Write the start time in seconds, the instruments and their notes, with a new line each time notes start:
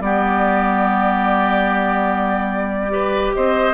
0.00 bassoon G3, clarinet B3, oboe G4, flute D5
2.89 clarinet G4, oboe B4
3.34 bassoon C4, oboe C5, flute D#5